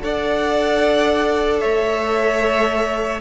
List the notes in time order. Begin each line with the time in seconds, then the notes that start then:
0.00 D4 A4 D5 F#5
1.60 A3 C#5 E5